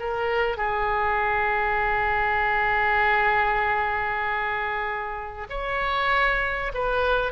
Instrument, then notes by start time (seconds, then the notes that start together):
oboe
0.00 A#4
0.58 G#4
5.50 C#5
6.74 B4